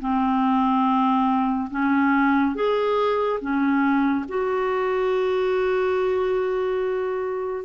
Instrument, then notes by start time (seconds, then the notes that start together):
clarinet
0.00 C4
1.71 C#4
2.55 G#4
3.41 C#4
4.28 F#4